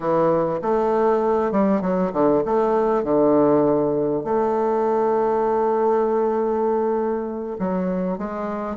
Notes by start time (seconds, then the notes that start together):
0.00 E3
0.61 A3
1.51 G3
1.81 F#3
2.12 D3
2.45 A3
3.03 D3
4.23 A3
7.59 F#3
8.18 G#3